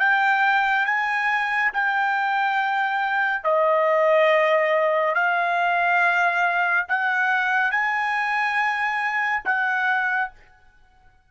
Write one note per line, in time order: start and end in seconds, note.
0.00 0.86 G5
0.86 1.71 G#5
1.73 3.44 G5
3.44 5.15 D#5
5.15 6.86 F5
6.88 7.71 F#5
7.71 9.43 G#5
9.45 10.31 F#5